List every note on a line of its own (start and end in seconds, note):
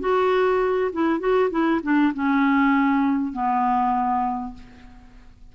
0.00 0.91 F#4
0.92 1.20 E4
1.20 1.50 F#4
1.50 1.81 E4
1.83 2.13 D4
2.14 3.33 C#4
3.33 4.54 B3